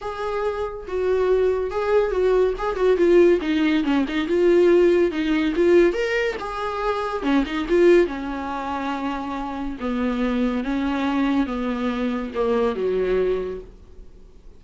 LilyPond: \new Staff \with { instrumentName = "viola" } { \time 4/4 \tempo 4 = 141 gis'2 fis'2 | gis'4 fis'4 gis'8 fis'8 f'4 | dis'4 cis'8 dis'8 f'2 | dis'4 f'4 ais'4 gis'4~ |
gis'4 cis'8 dis'8 f'4 cis'4~ | cis'2. b4~ | b4 cis'2 b4~ | b4 ais4 fis2 | }